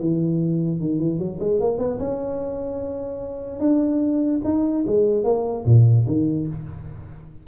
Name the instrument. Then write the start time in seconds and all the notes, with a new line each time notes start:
tuba
0.00 E3
0.80 D#3
0.99 E3
1.19 F#3
1.40 G#3
1.60 A#3
1.79 B3
1.99 C#4
3.60 D4
4.44 D#4
4.87 G#3
5.24 A#3
5.66 A#2
6.07 D#3